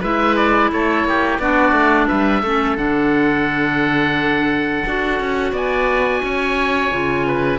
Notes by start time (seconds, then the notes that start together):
0.00 G#3 E4 B4 E5
0.36 D5
0.72 A3 A4 C#5
1.04 A#3 G4
1.39 B3 D4 F#4 D5
1.72 A3
2.07 G3 B4 E5
2.42 A3 C#4 A4
2.76 D3 D4 F#5
4.85 D4 F#4
5.19 C#4
5.52 B3 D5 G#5
6.23 C#4 C#5
6.91 C#3 F4
7.27 B4